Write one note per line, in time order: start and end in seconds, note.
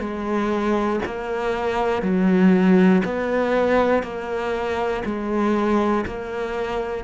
0.00 1.00 G#3
1.06 2.02 A#3
2.02 3.02 F#3
3.05 4.04 B3
4.04 5.04 A#3
5.05 6.05 G#3
6.06 7.05 A#3